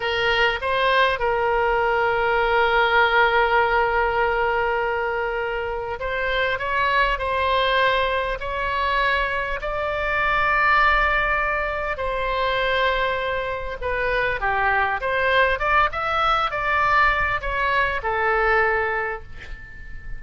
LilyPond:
\new Staff \with { instrumentName = "oboe" } { \time 4/4 \tempo 4 = 100 ais'4 c''4 ais'2~ | ais'1~ | ais'2 c''4 cis''4 | c''2 cis''2 |
d''1 | c''2. b'4 | g'4 c''4 d''8 e''4 d''8~ | d''4 cis''4 a'2 | }